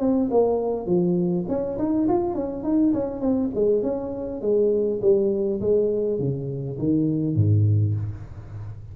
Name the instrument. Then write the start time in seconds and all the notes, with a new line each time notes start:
tuba
0.00 C4
0.31 A#3
0.86 F3
1.49 C#4
1.79 D#4
2.09 F4
2.35 C#4
2.64 D#4
2.94 C#4
3.21 C4
3.55 G#3
3.83 C#4
4.42 G#3
5.02 G3
5.61 G#3
6.19 C#3
6.79 D#3
7.36 G#2